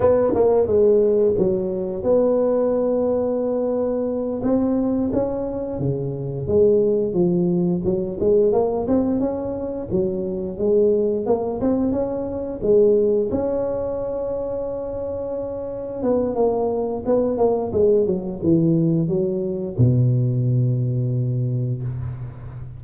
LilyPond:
\new Staff \with { instrumentName = "tuba" } { \time 4/4 \tempo 4 = 88 b8 ais8 gis4 fis4 b4~ | b2~ b8 c'4 cis'8~ | cis'8 cis4 gis4 f4 fis8 | gis8 ais8 c'8 cis'4 fis4 gis8~ |
gis8 ais8 c'8 cis'4 gis4 cis'8~ | cis'2.~ cis'8 b8 | ais4 b8 ais8 gis8 fis8 e4 | fis4 b,2. | }